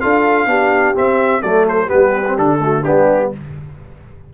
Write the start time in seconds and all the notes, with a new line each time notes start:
0.00 D4 F4 A4 F5
0.46 B3 D4 G4
0.94 C4 E5
1.42 F#3 A3 A4 D5
1.68 C5
1.86 B3 G4 B4
1.93 G3
2.27 C4
2.37 D3 D4 A4
2.59 A3 F#4
2.83 G3 B3 D4 G4